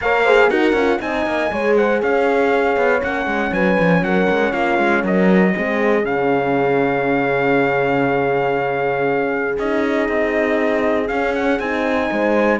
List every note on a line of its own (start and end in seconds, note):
0.01 0.50 A#3
0.01 0.26 A#4
0.01 0.24 C#5
0.01 0.50 F5
0.24 0.50 G#4
0.24 0.49 C5
0.50 0.72 D#4
0.50 0.75 F#4
0.50 1.00 A#4
0.50 1.00 F#5
0.72 0.98 C#4
0.72 0.99 F4
0.99 1.26 C4
0.99 1.49 D#4
0.99 1.52 D#5
0.99 1.76 G#5
1.26 1.51 A#3
1.49 2.02 G#3
1.49 3.00 G#4
1.49 1.77 C#5
1.76 2.02 C5
1.76 2.02 F#5
2.02 2.76 C#4
2.02 3.53 C#5
2.02 3.03 F5
2.76 3.01 B3
3.00 3.26 A#3
3.00 5.52 C#4
3.00 3.53 F#5
3.26 3.51 G#3
3.52 3.77 F#3
3.52 4.03 B4
3.52 4.04 G#5
3.79 4.01 F3
4.01 4.27 F#3
4.01 4.51 A#4
4.01 4.52 F#5
4.30 4.53 G#3
4.51 4.78 A#3
4.51 5.02 F4
4.51 5.02 F5
4.78 5.03 G#3
5.03 5.53 F#3
5.03 5.54 A#4
5.03 6.05 D#5
5.55 6.04 G#3
5.55 6.02 C4
5.55 12.11 G#4
6.02 9.57 C#3
6.02 9.55 C#4
6.02 9.58 F5
9.58 10.08 C#4
9.58 11.08 D#4
9.58 11.08 D#5
10.08 11.09 C4
11.08 11.59 C#4
11.08 11.33 F5
11.34 11.59 F#5
11.59 12.09 C4
11.59 12.60 D#4
11.59 12.60 G#5
12.11 12.60 G#3
12.11 12.60 C5